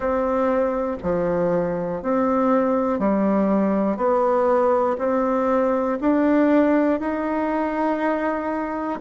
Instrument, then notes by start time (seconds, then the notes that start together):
bassoon
0.00 C4
1.02 F3
2.02 C4
2.99 G3
3.96 B3
4.98 C4
6.00 D4
7.00 D#4